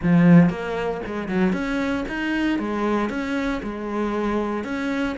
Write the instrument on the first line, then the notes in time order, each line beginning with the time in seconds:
cello
0.02 F3
0.49 A#3
1.06 G#3
1.28 F#3
1.53 C#4
2.08 D#4
2.59 G#3
3.09 C#4
3.63 G#3
4.64 C#4